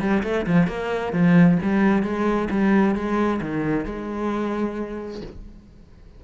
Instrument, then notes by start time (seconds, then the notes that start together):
cello
0.00 G3
0.23 A3
0.46 F3
0.67 A#3
1.13 F3
1.62 G3
2.03 G#3
2.51 G3
2.95 G#3
3.41 D#3
3.85 G#3